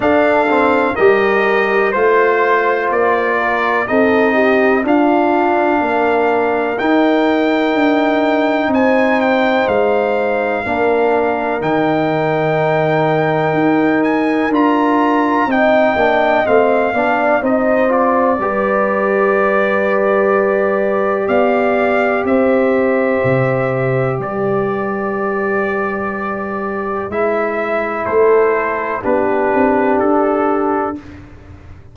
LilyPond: <<
  \new Staff \with { instrumentName = "trumpet" } { \time 4/4 \tempo 4 = 62 f''4 dis''4 c''4 d''4 | dis''4 f''2 g''4~ | g''4 gis''8 g''8 f''2 | g''2~ g''8 gis''8 ais''4 |
g''4 f''4 dis''8 d''4.~ | d''2 f''4 e''4~ | e''4 d''2. | e''4 c''4 b'4 a'4 | }
  \new Staff \with { instrumentName = "horn" } { \time 4/4 a'4 ais'4 c''4. ais'8 | a'8 g'8 f'4 ais'2~ | ais'4 c''2 ais'4~ | ais'1 |
dis''4. d''8 c''4 b'4~ | b'2 d''4 c''4~ | c''4 b'2.~ | b'4 a'4 g'2 | }
  \new Staff \with { instrumentName = "trombone" } { \time 4/4 d'8 c'8 g'4 f'2 | dis'4 d'2 dis'4~ | dis'2. d'4 | dis'2. f'4 |
dis'8 d'8 c'8 d'8 dis'8 f'8 g'4~ | g'1~ | g'1 | e'2 d'2 | }
  \new Staff \with { instrumentName = "tuba" } { \time 4/4 d'4 g4 a4 ais4 | c'4 d'4 ais4 dis'4 | d'4 c'4 gis4 ais4 | dis2 dis'4 d'4 |
c'8 ais8 a8 b8 c'4 g4~ | g2 b4 c'4 | c4 g2. | gis4 a4 b8 c'8 d'4 | }
>>